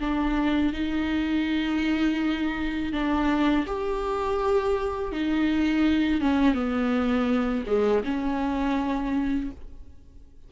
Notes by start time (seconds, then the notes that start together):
0.00 D4
0.73 D#4
2.93 D4
3.67 G4
5.13 D#4
6.21 C#4
6.55 B3
7.67 G#3
8.05 C#4